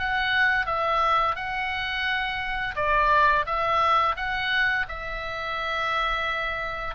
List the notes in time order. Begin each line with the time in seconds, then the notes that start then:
0.00 F#5
0.67 E5
1.36 F#5
2.76 D5
3.47 E5
4.17 F#5
4.89 E5